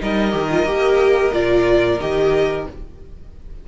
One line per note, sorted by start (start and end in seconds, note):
0.00 0.33 G3
0.00 0.31 D#4
0.00 2.68 A#4
0.00 1.34 D#5
0.31 0.64 D#3
0.31 0.47 G4
0.51 0.65 F4
0.64 1.30 A#3
0.64 1.32 G4
1.32 2.00 A#2
1.32 1.99 F4
1.32 2.00 D5
2.00 2.66 D#3
2.00 2.67 G4
2.00 2.67 D#5